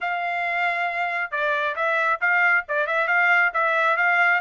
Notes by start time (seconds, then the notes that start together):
0.00 F5
1.31 D5
1.75 E5
2.20 F5
2.68 D5
2.87 E5
3.07 F5
3.53 E5
3.96 F5